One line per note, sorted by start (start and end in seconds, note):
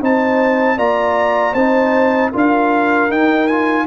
0.00 0.77 C4
0.00 0.77 D#4
0.00 0.77 C5
0.00 0.78 A5
0.77 1.54 A#3
0.77 1.54 F4
0.77 1.52 D5
0.77 1.54 A#5
1.52 2.31 C4
1.52 2.32 D#4
1.52 2.29 C5
1.52 2.31 A5
2.31 3.10 D4
2.31 3.09 F4
2.31 3.85 A#4
2.31 3.11 F5
3.09 3.48 D#4
3.09 3.86 D#4
3.09 3.47 G5
3.47 3.86 F4
3.47 3.85 G#5